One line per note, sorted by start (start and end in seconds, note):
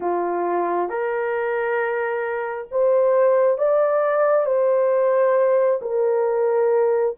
0.00 0.89 F4
0.89 2.68 A#4
2.71 3.58 C5
3.58 4.45 D5
4.45 5.80 C5
5.81 7.16 A#4